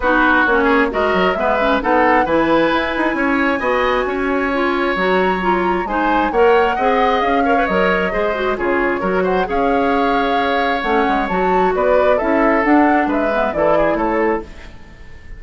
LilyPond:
<<
  \new Staff \with { instrumentName = "flute" } { \time 4/4 \tempo 4 = 133 b'4 cis''4 dis''4 e''4 | fis''4 gis''2.~ | gis''2. ais''4~ | ais''4 gis''4 fis''2 |
f''4 dis''2 cis''4~ | cis''8 fis''8 f''2. | fis''4 a''4 d''4 e''4 | fis''4 e''4 d''4 cis''4 | }
  \new Staff \with { instrumentName = "oboe" } { \time 4/4 fis'4. gis'8 ais'4 b'4 | a'4 b'2 cis''4 | dis''4 cis''2.~ | cis''4 c''4 cis''4 dis''4~ |
dis''8 cis''4. c''4 gis'4 | ais'8 c''8 cis''2.~ | cis''2 b'4 a'4~ | a'4 b'4 a'8 gis'8 a'4 | }
  \new Staff \with { instrumentName = "clarinet" } { \time 4/4 dis'4 cis'4 fis'4 b8 cis'8 | dis'4 e'2. | fis'2 f'4 fis'4 | f'4 dis'4 ais'4 gis'4~ |
gis'8 ais'16 b'16 ais'4 gis'8 fis'8 f'4 | fis'4 gis'2. | cis'4 fis'2 e'4 | d'4. b8 e'2 | }
  \new Staff \with { instrumentName = "bassoon" } { \time 4/4 b4 ais4 gis8 fis8 gis4 | b4 e4 e'8 dis'8 cis'4 | b4 cis'2 fis4~ | fis4 gis4 ais4 c'4 |
cis'4 fis4 gis4 cis4 | fis4 cis'2. | a8 gis8 fis4 b4 cis'4 | d'4 gis4 e4 a4 | }
>>